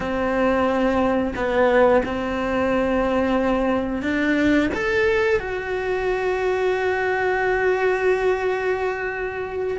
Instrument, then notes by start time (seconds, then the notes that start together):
cello
0.00 C4
1.35 B3
2.05 C4
4.02 D4
4.74 A4
5.39 F#4